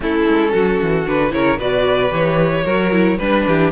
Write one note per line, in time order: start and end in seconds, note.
0.00 0.27 A3
0.00 1.06 C#4
0.00 0.51 E4
0.00 1.08 A4
0.27 0.53 G#3
0.51 0.81 F#3
0.51 1.31 F#4
0.82 1.06 E3
1.06 1.32 D3
1.06 1.30 D4
1.06 1.32 B4
1.30 1.58 C#3
1.30 1.57 E4
1.30 1.58 A#4
1.30 1.59 C#5
1.58 2.11 B2
1.58 2.10 F#4
1.58 2.64 B4
1.58 2.13 D5
2.10 2.64 E3
2.10 2.63 G4
2.10 3.18 C#5
2.64 3.18 F#3
2.64 2.91 F#4
2.64 3.17 A#4
2.91 3.18 E4
3.18 3.46 G3
3.18 3.72 D4
3.18 3.44 B4
3.18 3.71 B4
3.47 3.72 E3
3.47 3.72 G4